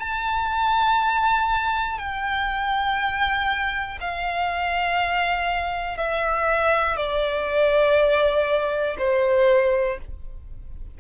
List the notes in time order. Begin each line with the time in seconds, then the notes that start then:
0.00 A5
1.99 G5
4.00 F5
5.97 E5
6.97 D5
8.98 C5